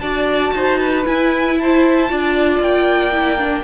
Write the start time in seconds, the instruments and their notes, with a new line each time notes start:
0.00 cello D4, viola F#4, violin D5 A5
0.54 cello D#4, violin C5
0.80 violin B4
1.06 viola E4, cello E4, violin G#5
1.59 violin C5 A5
2.09 cello D4, viola F4, violin D5
2.60 cello A#3, violin G5
3.13 viola E4
3.39 viola D4